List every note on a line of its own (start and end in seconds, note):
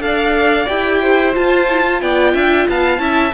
0.00 0.67 D4
0.00 0.67 A4
0.00 1.02 D5
0.00 0.68 F5
0.68 1.36 E4
0.68 1.33 G4
0.68 1.35 G5
1.02 2.02 C5
1.33 1.66 F4
1.33 2.02 F4
1.33 2.01 A5
1.69 1.86 E4
1.86 2.99 F4
2.01 2.34 B3
2.01 2.34 D5
2.01 2.68 G5
2.34 2.67 D4
2.34 2.68 E5
2.69 2.99 B3
2.69 3.02 F5
2.69 3.34 A5
2.99 3.32 C#4
2.99 3.33 E4
2.99 3.34 E5